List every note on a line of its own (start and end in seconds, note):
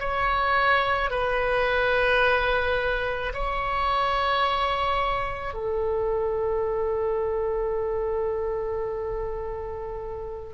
0.00 1.11 C#5
1.11 3.33 B4
3.34 5.54 C#5
5.54 10.54 A4